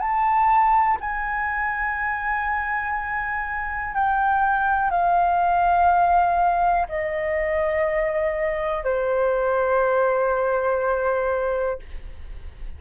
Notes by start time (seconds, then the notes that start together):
0.00 A5
1.01 G#5
3.95 G5
4.91 F5
6.89 D#5
8.84 C5